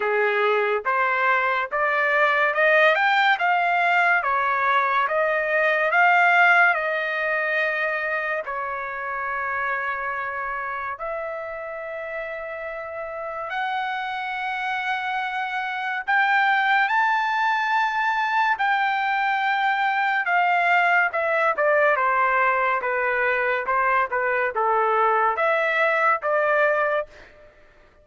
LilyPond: \new Staff \with { instrumentName = "trumpet" } { \time 4/4 \tempo 4 = 71 gis'4 c''4 d''4 dis''8 g''8 | f''4 cis''4 dis''4 f''4 | dis''2 cis''2~ | cis''4 e''2. |
fis''2. g''4 | a''2 g''2 | f''4 e''8 d''8 c''4 b'4 | c''8 b'8 a'4 e''4 d''4 | }